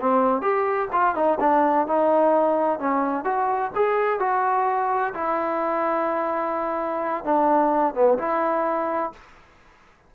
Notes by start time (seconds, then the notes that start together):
0.00 C4
0.42 G4
0.92 F4
1.15 D#4
1.40 D4
1.87 D#4
2.79 C#4
3.24 F#4
3.75 G#4
4.20 F#4
5.14 E4
7.24 D4
7.94 B3
8.19 E4